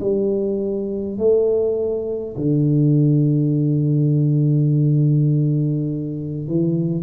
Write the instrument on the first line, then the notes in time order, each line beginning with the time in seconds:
tuba
0.00 G3
1.18 A3
2.36 D3
6.48 E3